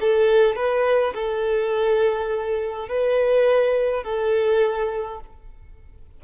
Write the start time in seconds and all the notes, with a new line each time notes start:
0.00 A4
0.55 B4
1.14 A4
2.88 B4
4.03 A4